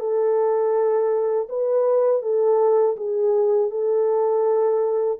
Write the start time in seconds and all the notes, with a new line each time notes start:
0.00 A4
1.49 B4
2.22 A4
2.97 G#4
3.71 A4